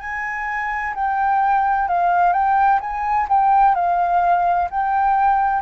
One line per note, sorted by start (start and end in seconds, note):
0.00 0.94 G#5
0.95 1.88 G5
1.88 2.33 F5
2.33 2.80 G5
2.80 3.27 G#5
3.29 3.75 G5
3.75 4.69 F5
4.70 5.62 G5